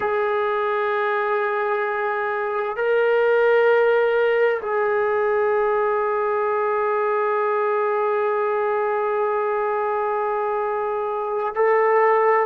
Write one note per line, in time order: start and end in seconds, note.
0.00 2.76 G#4
2.76 4.61 A#4
4.61 11.53 G#4
11.55 12.46 A4